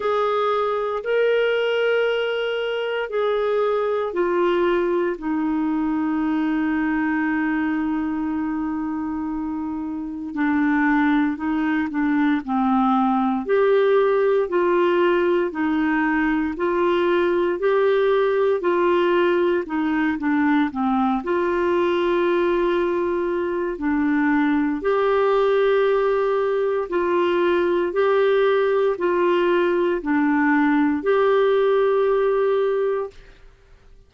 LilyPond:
\new Staff \with { instrumentName = "clarinet" } { \time 4/4 \tempo 4 = 58 gis'4 ais'2 gis'4 | f'4 dis'2.~ | dis'2 d'4 dis'8 d'8 | c'4 g'4 f'4 dis'4 |
f'4 g'4 f'4 dis'8 d'8 | c'8 f'2~ f'8 d'4 | g'2 f'4 g'4 | f'4 d'4 g'2 | }